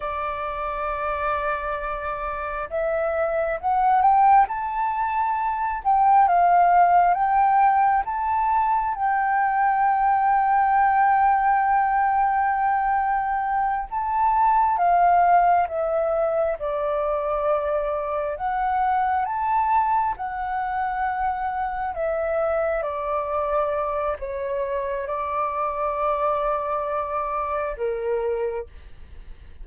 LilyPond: \new Staff \with { instrumentName = "flute" } { \time 4/4 \tempo 4 = 67 d''2. e''4 | fis''8 g''8 a''4. g''8 f''4 | g''4 a''4 g''2~ | g''2.~ g''8 a''8~ |
a''8 f''4 e''4 d''4.~ | d''8 fis''4 a''4 fis''4.~ | fis''8 e''4 d''4. cis''4 | d''2. ais'4 | }